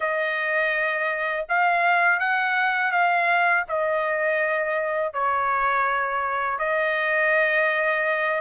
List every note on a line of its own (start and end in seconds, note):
0.00 1.46 D#5
1.48 2.19 F5
2.19 2.91 F#5
2.91 3.64 F5
3.68 5.13 D#5
5.13 6.59 C#5
6.59 8.40 D#5